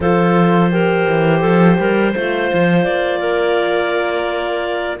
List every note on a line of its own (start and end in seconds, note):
0.00 1.06 F3
0.00 0.70 F4
0.00 0.71 A4
0.00 2.83 C5
0.70 2.13 G4
0.70 1.40 A#4
1.08 1.43 E3
1.40 1.78 F3
1.40 1.76 A4
1.79 2.15 G3
1.79 2.12 A#4
2.12 2.52 A3
2.12 5.00 F4
2.12 3.19 C5
2.53 2.85 F3
2.83 4.99 A#3
2.83 4.97 D5
3.19 4.98 A#4